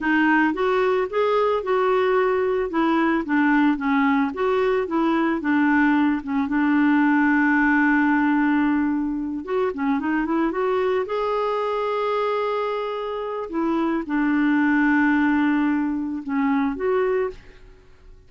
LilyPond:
\new Staff \with { instrumentName = "clarinet" } { \time 4/4 \tempo 4 = 111 dis'4 fis'4 gis'4 fis'4~ | fis'4 e'4 d'4 cis'4 | fis'4 e'4 d'4. cis'8 | d'1~ |
d'4. fis'8 cis'8 dis'8 e'8 fis'8~ | fis'8 gis'2.~ gis'8~ | gis'4 e'4 d'2~ | d'2 cis'4 fis'4 | }